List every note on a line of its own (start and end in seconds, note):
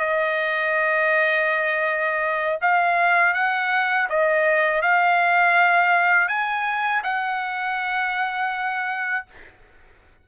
0.00 2.59 D#5
2.62 3.34 F5
3.34 4.08 F#5
4.09 4.82 D#5
4.82 6.28 F5
6.28 7.02 G#5
7.04 9.26 F#5